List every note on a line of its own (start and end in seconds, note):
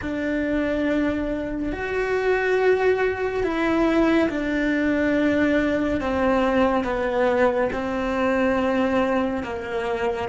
0.01 1.72 D4
1.72 3.43 F#4
3.43 4.29 E4
4.29 6.00 D4
6.00 6.84 C4
6.84 7.69 B3
7.72 9.43 C4
9.43 10.29 A#3